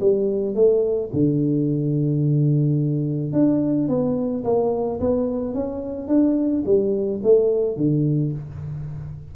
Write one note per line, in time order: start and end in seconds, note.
0.00 0.55 G3
0.55 1.10 A3
1.12 3.32 D3
3.32 3.88 D4
3.88 4.43 B3
4.44 4.99 A#3
5.00 5.54 B3
5.54 6.08 C#4
6.08 6.63 D4
6.65 7.20 G3
7.22 7.76 A3
7.76 8.32 D3